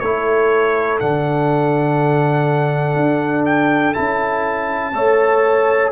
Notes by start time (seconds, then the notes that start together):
0.00 A3 E4 A4 C#5
0.99 D3 D4 F#5
2.96 D4
3.45 G5
3.94 C#4 E4 A5
4.94 A3 A4 C#5